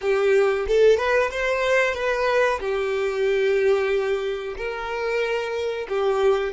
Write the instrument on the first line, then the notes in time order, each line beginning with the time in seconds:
violin
0.01 G4
0.67 A4
0.97 B4
1.30 C5
1.94 B4
2.60 G4
4.57 A#4
5.89 G4